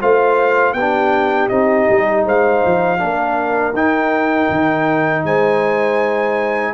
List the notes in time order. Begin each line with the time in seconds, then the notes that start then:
0.00 A3 F4 C5 F5
0.73 B3 G4 G5
0.79 D4
1.49 C4 D#4 D#5
1.89 G3
2.25 G#3 C5 F5
2.65 F3
2.98 A#3 D4 A#4
3.73 D#4 G5
4.49 D#3
5.24 G#3 C5 G#5